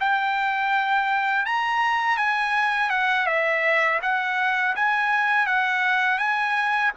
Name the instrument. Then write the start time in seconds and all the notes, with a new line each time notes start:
trumpet
0.00 G5
1.46 A#5
2.17 G#5
2.90 F#5
3.27 E5
4.02 F#5
4.76 G#5
5.46 F#5
6.19 G#5